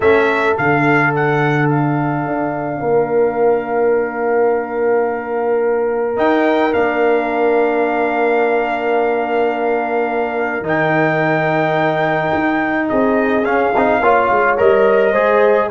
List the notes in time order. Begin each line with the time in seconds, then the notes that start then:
0.00 A3 C#4 A4 E5
0.56 D3 D4 F5
1.15 F#5
1.69 F5
2.26 D4
2.79 A#3 A#4
6.16 D#4 G5
6.71 A#3 D4 F5
10.61 D#3 D#4
10.67 G5
12.34 D#4
12.88 C4 G#4 D#5
13.44 C#4 F5
13.75 C4 D#4
14.00 A#3 F4 C#5
14.30 G#3
14.57 G3 A#4 D#5
15.12 G#3 G#4 C5